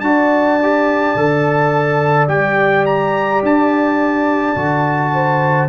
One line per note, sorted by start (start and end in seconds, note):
0.00 1.14 D4
0.00 0.60 F#4
0.00 5.14 D5
0.00 2.26 A5
0.62 1.17 G4
1.16 2.29 D3
1.16 2.29 A4
2.29 3.42 G3
2.29 4.55 G4
2.29 2.85 G5
2.86 3.42 A#5
3.43 4.56 D4
3.43 5.69 A5
4.56 5.69 D3
4.56 5.69 F#4
5.14 5.69 C5